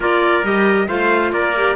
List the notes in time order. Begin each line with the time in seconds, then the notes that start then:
0.00 A#3 F4 A#4 D5
0.44 G3 G4 D#5
0.87 A3 F4 C5 F5
1.32 A#3 A#4 D5
1.55 G4